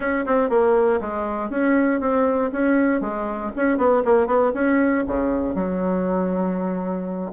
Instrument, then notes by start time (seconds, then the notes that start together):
bassoon
0.00 C#4
0.25 C4
0.49 A#3
1.00 G#3
1.50 C#4
2.00 C4
2.52 C#4
3.00 G#3
3.56 C#4
3.77 B3
4.04 A#3
4.26 B3
4.54 C#4
5.07 C#3
5.55 F#3